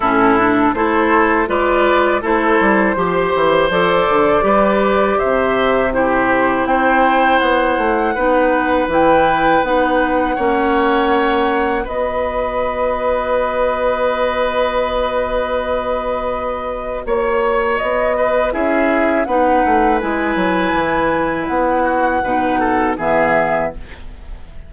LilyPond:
<<
  \new Staff \with { instrumentName = "flute" } { \time 4/4 \tempo 4 = 81 a'4 c''4 d''4 c''4~ | c''4 d''2 e''4 | c''4 g''4 fis''2 | g''4 fis''2. |
dis''1~ | dis''2. cis''4 | dis''4 e''4 fis''4 gis''4~ | gis''4 fis''2 e''4 | }
  \new Staff \with { instrumentName = "oboe" } { \time 4/4 e'4 a'4 b'4 a'4 | c''2 b'4 c''4 | g'4 c''2 b'4~ | b'2 cis''2 |
b'1~ | b'2. cis''4~ | cis''8 b'8 gis'4 b'2~ | b'4. fis'8 b'8 a'8 gis'4 | }
  \new Staff \with { instrumentName = "clarinet" } { \time 4/4 cis'8 d'8 e'4 f'4 e'4 | g'4 a'4 g'2 | e'2. dis'4 | e'4 dis'4 cis'2 |
fis'1~ | fis'1~ | fis'4 e'4 dis'4 e'4~ | e'2 dis'4 b4 | }
  \new Staff \with { instrumentName = "bassoon" } { \time 4/4 a,4 a4 gis4 a8 g8 | f8 e8 f8 d8 g4 c4~ | c4 c'4 b8 a8 b4 | e4 b4 ais2 |
b1~ | b2. ais4 | b4 cis'4 b8 a8 gis8 fis8 | e4 b4 b,4 e4 | }
>>